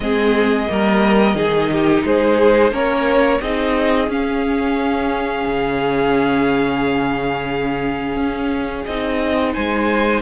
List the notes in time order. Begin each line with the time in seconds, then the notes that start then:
0.00 G#3 C4 G#4 D#5
0.67 G3 A#3 A#4
1.34 D#3 D#4 G#4
1.71 G4
2.04 G#3 G#4 C5
2.71 A#3 C#4 A#4 C#5
3.40 C4 D#4 G#4 D#5
4.08 C#4 F5
5.45 C#3
8.15 C#4
8.85 C4 D#4 D#5
9.53 G#3 C5 G#5